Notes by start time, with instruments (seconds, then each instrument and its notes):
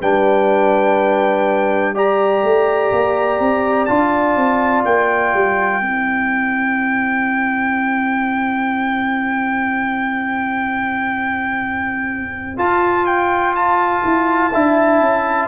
0.00 tuba G3, trombone D4, horn B4, trumpet G5
1.94 trombone G4, horn D5, trumpet A#5
2.43 tuba A3
2.91 tuba A#3
3.40 tuba C4
3.85 tuba D4, trombone F4, trumpet A5
4.36 tuba C4
4.85 tuba A#3, trumpet G5
5.34 tuba G3
5.81 tuba C4, trombone E4, horn C5
12.57 trombone F4, tuba F4, trumpet A5
13.06 trumpet G5
13.55 trumpet A5
14.04 tuba E4
14.52 tuba D4, trombone E4, horn E5
15.01 tuba C#4